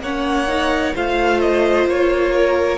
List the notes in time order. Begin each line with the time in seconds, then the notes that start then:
0.00 A#3 C#4 C#5 F#5
0.48 D#4
0.95 A3 F4 C5 F5
1.41 D#5
1.86 A#3 C#5
2.35 A#4